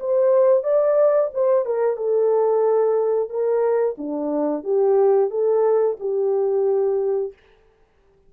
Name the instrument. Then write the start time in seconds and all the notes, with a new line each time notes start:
horn
0.00 C5
0.64 D5
1.34 C5
1.66 A#4
1.97 A4
3.29 A#4
3.98 D4
4.64 G4
5.30 A4
6.00 G4